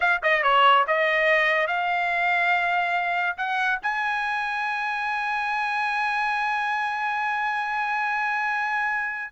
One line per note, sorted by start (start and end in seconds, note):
0.00 0.21 F5
0.22 0.42 D#5
0.42 0.85 C#5
0.87 1.67 D#5
1.67 3.36 F5
3.37 3.79 F#5
3.82 9.31 G#5